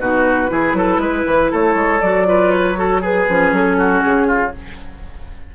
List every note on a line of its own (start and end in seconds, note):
0.00 0.50 B2
0.00 0.48 D#4
0.00 0.51 F#4
0.00 1.51 B4
0.48 0.73 E3
0.48 2.00 E4
0.48 0.77 G#4
0.73 0.98 F#3
0.73 1.01 A4
0.98 1.23 G#3
0.98 1.51 B4
1.26 1.52 E3
1.51 1.75 A3
1.51 2.27 A4
1.51 2.01 C#5
1.75 2.00 G#3
2.01 3.28 F#3
2.01 2.26 F#4
2.01 2.51 D5
2.26 2.76 F4
2.26 2.78 B4
2.51 3.01 C#5
2.76 3.01 F#4
2.76 3.01 A4
3.01 3.77 G#4
3.01 3.28 G#4
3.01 3.54 B4
3.28 3.52 F3
3.28 4.55 C#4
3.52 4.03 F#3
3.52 4.01 A4
3.78 4.27 F#4
4.01 4.55 C#3
4.01 4.52 G#4
4.27 4.52 F4